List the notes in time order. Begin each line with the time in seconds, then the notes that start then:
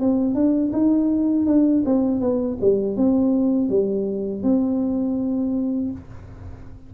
0.00 C4
0.34 D4
0.73 D#4
1.46 D4
1.85 C4
2.21 B3
2.61 G3
2.97 C4
3.69 G3
4.43 C4